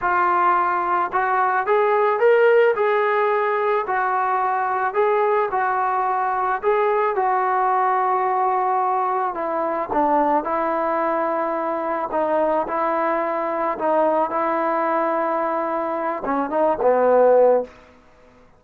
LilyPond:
\new Staff \with { instrumentName = "trombone" } { \time 4/4 \tempo 4 = 109 f'2 fis'4 gis'4 | ais'4 gis'2 fis'4~ | fis'4 gis'4 fis'2 | gis'4 fis'2.~ |
fis'4 e'4 d'4 e'4~ | e'2 dis'4 e'4~ | e'4 dis'4 e'2~ | e'4. cis'8 dis'8 b4. | }